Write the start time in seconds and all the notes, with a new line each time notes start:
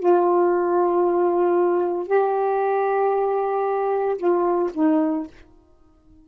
0.00 F4
2.08 G4
4.18 F4
4.75 D#4